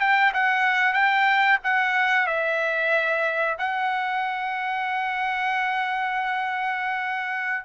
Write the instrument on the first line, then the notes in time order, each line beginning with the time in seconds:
trumpet
0.00 G5
0.34 F#5
0.93 G5
1.64 F#5
2.27 E5
3.59 F#5